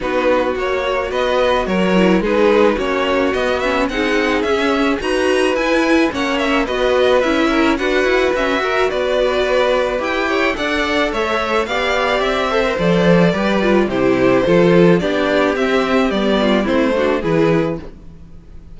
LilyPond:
<<
  \new Staff \with { instrumentName = "violin" } { \time 4/4 \tempo 4 = 108 b'4 cis''4 dis''4 cis''4 | b'4 cis''4 dis''8 e''8 fis''4 | e''4 ais''4 gis''4 fis''8 e''8 | dis''4 e''4 fis''4 e''4 |
d''2 g''4 fis''4 | e''4 f''4 e''4 d''4~ | d''4 c''2 d''4 | e''4 d''4 c''4 b'4 | }
  \new Staff \with { instrumentName = "violin" } { \time 4/4 fis'2 b'4 ais'4 | gis'4 fis'2 gis'4~ | gis'4 b'2 cis''4 | b'4. ais'8 b'4. ais'8 |
b'2~ b'8 cis''8 d''4 | cis''4 d''4. c''4. | b'4 g'4 a'4 g'4~ | g'4. f'8 e'8 fis'8 gis'4 | }
  \new Staff \with { instrumentName = "viola" } { \time 4/4 dis'4 fis'2~ fis'8 e'8 | dis'4 cis'4 b8 cis'8 dis'4 | cis'4 fis'4 e'4 cis'4 | fis'4 e'4 fis'4 cis'8 fis'8~ |
fis'2 g'4 a'4~ | a'4 g'4. a'16 ais'16 a'4 | g'8 f'8 e'4 f'4 d'4 | c'4 b4 c'8 d'8 e'4 | }
  \new Staff \with { instrumentName = "cello" } { \time 4/4 b4 ais4 b4 fis4 | gis4 ais4 b4 c'4 | cis'4 dis'4 e'4 ais4 | b4 cis'4 d'8 e'8 fis'4 |
b2 e'4 d'4 | a4 b4 c'4 f4 | g4 c4 f4 b4 | c'4 g4 a4 e4 | }
>>